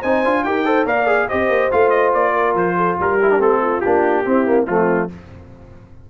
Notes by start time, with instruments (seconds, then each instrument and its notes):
0.00 tuba C4, trombone D#4, horn C5, trumpet G#5
0.24 tuba D4, trombone F4
0.44 tuba D#4, trombone G4, horn A#4, trumpet G5
0.65 trombone A4, horn C5
0.85 tuba A#3, trombone A#4, horn D5, trumpet F5
1.07 trombone G#4
1.29 tuba C4, trombone G4, horn C5, trumpet D#5
1.49 tuba A#3
1.71 tuba A3, trombone F4, trumpet F5
1.90 trumpet D#5
2.14 tuba A#3, trumpet D5
2.33 horn A#4
2.54 tuba F3, trumpet C5
2.77 horn A4
2.99 tuba G3, horn G4, trumpet A#4
3.22 trombone E4
3.31 trombone D4
3.39 tuba A3, trombone C4, trumpet A4
3.61 horn F4
3.80 tuba A#3, trombone D4, trumpet G4
4.25 trombone C4, tuba C4, horn E4
4.46 trombone A#3
4.67 tuba F3, trombone A3, horn C4, trumpet F4